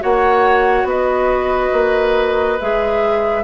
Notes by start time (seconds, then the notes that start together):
0.00 A#3 F#4 C#5 F#5
0.83 B3 B4 D#5
1.72 A#3
2.60 G#3 G#4 E5